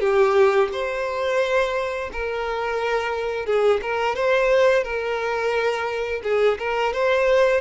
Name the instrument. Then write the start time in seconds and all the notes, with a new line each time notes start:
violin
0.00 G4
0.73 C5
2.13 A#4
3.46 G#4
3.82 A#4
4.16 C5
4.84 A#4
6.24 G#4
6.59 A#4
6.93 C5